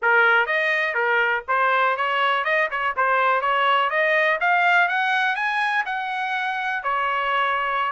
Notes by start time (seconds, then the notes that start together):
0.01 A#4
0.46 D#5
0.94 A#4
1.48 C5
1.96 C#5
2.44 D#5
2.71 C#5
2.96 C5
3.41 C#5
3.90 D#5
4.40 F5
4.88 F#5
5.35 G#5
5.85 F#5
6.83 C#5